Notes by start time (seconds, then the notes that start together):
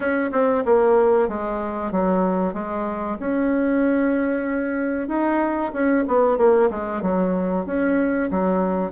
0.00 C#4
0.32 C4
0.65 A#3
1.28 G#3
1.91 F#3
2.53 G#3
3.19 C#4
5.07 D#4
5.72 C#4
6.07 B3
6.37 A#3
6.70 G#3
7.02 F#3
7.66 C#4
8.31 F#3